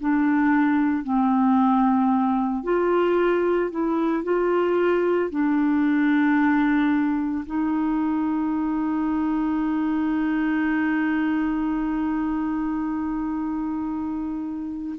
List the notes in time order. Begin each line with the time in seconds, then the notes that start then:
0.00 D4
1.04 C4
2.63 F4
3.71 E4
4.24 F4
5.30 D4
7.46 D#4